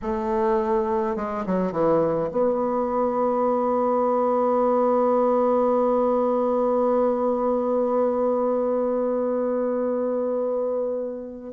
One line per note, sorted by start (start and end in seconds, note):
0.02 1.16 A3
1.16 1.44 G#3
1.46 1.72 F#3
1.72 2.29 E3
2.31 11.53 B3